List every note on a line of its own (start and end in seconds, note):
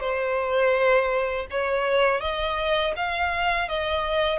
0.00 1.46 C5
1.50 2.21 C#5
2.21 2.94 D#5
2.96 3.69 F5
3.69 4.39 D#5